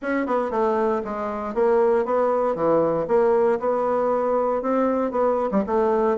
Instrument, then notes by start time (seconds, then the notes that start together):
bassoon
0.01 C#4
0.26 B3
0.50 A3
1.04 G#3
1.54 A#3
2.05 B3
2.55 E3
3.07 A#3
3.59 B3
4.62 C4
5.11 B3
5.51 G3
5.66 A3